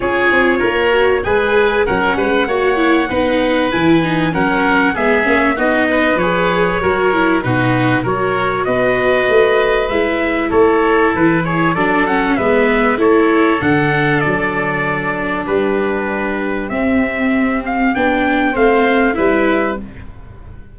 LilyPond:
<<
  \new Staff \with { instrumentName = "trumpet" } { \time 4/4 \tempo 4 = 97 cis''2 gis''4 fis''4~ | fis''2 gis''4 fis''4 | e''4 dis''4 cis''2 | b'4 cis''4 dis''2 |
e''4 cis''4 b'8 cis''8 d''8 fis''8 | e''4 cis''4 fis''4 d''4~ | d''4 b'2 e''4~ | e''8 f''8 g''4 f''4 e''4 | }
  \new Staff \with { instrumentName = "oboe" } { \time 4/4 gis'4 ais'4 b'4 ais'8 b'8 | cis''4 b'2 ais'4 | gis'4 fis'8 b'4. ais'4 | fis'4 ais'4 b'2~ |
b'4 a'4. gis'8 a'4 | b'4 a'2.~ | a'4 g'2.~ | g'2 c''4 b'4 | }
  \new Staff \with { instrumentName = "viola" } { \time 4/4 f'4. fis'8 gis'4 cis'4 | fis'8 e'8 dis'4 e'8 dis'8 cis'4 | b8 cis'8 dis'4 gis'4 fis'8 e'8 | dis'4 fis'2. |
e'2. d'8 cis'8 | b4 e'4 d'2~ | d'2. c'4~ | c'4 d'4 c'4 e'4 | }
  \new Staff \with { instrumentName = "tuba" } { \time 4/4 cis'8 c'8 ais4 gis4 fis8 gis8 | ais4 b4 e4 fis4 | gis8 ais8 b4 f4 fis4 | b,4 fis4 b4 a4 |
gis4 a4 e4 fis4 | gis4 a4 d4 fis4~ | fis4 g2 c'4~ | c'4 b4 a4 g4 | }
>>